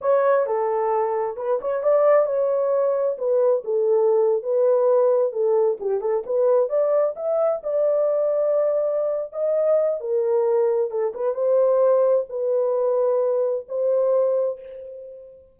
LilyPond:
\new Staff \with { instrumentName = "horn" } { \time 4/4 \tempo 4 = 132 cis''4 a'2 b'8 cis''8 | d''4 cis''2 b'4 | a'4.~ a'16 b'2 a'16~ | a'8. g'8 a'8 b'4 d''4 e''16~ |
e''8. d''2.~ d''16~ | d''8 dis''4. ais'2 | a'8 b'8 c''2 b'4~ | b'2 c''2 | }